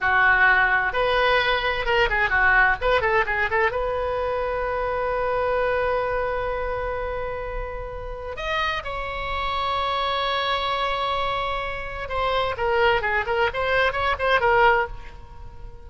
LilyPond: \new Staff \with { instrumentName = "oboe" } { \time 4/4 \tempo 4 = 129 fis'2 b'2 | ais'8 gis'8 fis'4 b'8 a'8 gis'8 a'8 | b'1~ | b'1~ |
b'2 dis''4 cis''4~ | cis''1~ | cis''2 c''4 ais'4 | gis'8 ais'8 c''4 cis''8 c''8 ais'4 | }